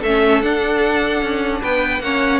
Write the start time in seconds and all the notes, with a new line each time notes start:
0.00 A3 C#4 A4 E5
0.42 D4 F#5
1.22 C#4
1.62 B3 B4 G5
2.00 A#3 C#4 C#5 F#5